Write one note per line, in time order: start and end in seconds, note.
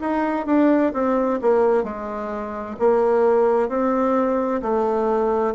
0.00 0.46 D#4
0.46 0.92 D4
0.93 1.39 C4
1.41 1.83 A#3
1.83 2.76 G#3
2.79 3.68 A#3
3.68 4.61 C4
4.62 5.54 A3